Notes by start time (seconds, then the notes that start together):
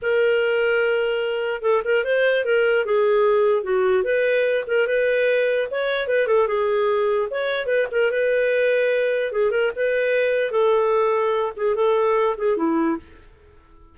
0.01 A#4
1.62 A4
1.84 A#4
2.04 C5
2.44 A#4
2.85 G#4
3.63 F#4
4.03 B4
4.67 A#4
4.87 B4
5.71 C#5
6.07 B4
6.27 A4
6.47 G#4
7.30 C#5
7.66 B4
7.91 A#4
8.11 B4
9.32 G#4
9.50 A#4
9.75 B4
10.51 A4
11.56 G#4
11.75 A4
12.37 G#4
12.56 E4